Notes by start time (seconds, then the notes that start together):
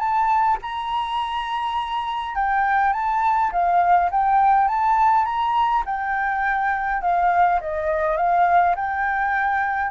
0.00 A5
0.62 A#5
2.36 G5
2.93 A5
3.52 F5
4.11 G5
4.68 A5
5.26 A#5
5.86 G5
7.02 F5
7.62 D#5
8.17 F5
8.76 G5